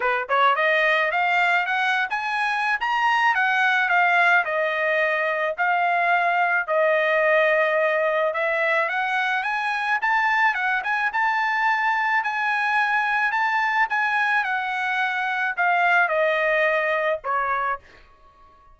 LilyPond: \new Staff \with { instrumentName = "trumpet" } { \time 4/4 \tempo 4 = 108 b'8 cis''8 dis''4 f''4 fis''8. gis''16~ | gis''4 ais''4 fis''4 f''4 | dis''2 f''2 | dis''2. e''4 |
fis''4 gis''4 a''4 fis''8 gis''8 | a''2 gis''2 | a''4 gis''4 fis''2 | f''4 dis''2 cis''4 | }